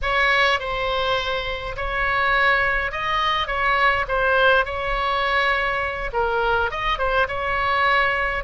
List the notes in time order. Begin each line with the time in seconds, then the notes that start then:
0.02 C#5
0.59 C5
1.76 C#5
2.91 D#5
3.47 C#5
4.08 C5
4.65 C#5
6.12 A#4
6.70 D#5
6.98 C5
7.27 C#5